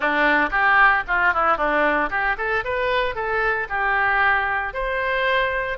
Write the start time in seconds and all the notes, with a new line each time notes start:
0.00 D4
0.50 G4
1.07 F4
1.33 E4
1.57 D4
2.10 G4
2.37 A4
2.64 B4
3.15 A4
3.69 G4
4.73 C5